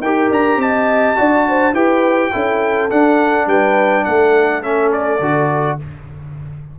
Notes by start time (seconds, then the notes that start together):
0.00 D#4 G4 A#4 G5
0.30 D4 A#5
0.56 C4 D#5 A5
1.16 D4 F#4 D5
1.48 C5
1.73 E4 G4 B4 G5
2.32 C#4 E4 A4
2.90 D4 F#5
3.46 G3 B4 G5
4.04 A3 A4 F#5
4.63 C#4 E5
4.92 D5
5.20 D3 F#4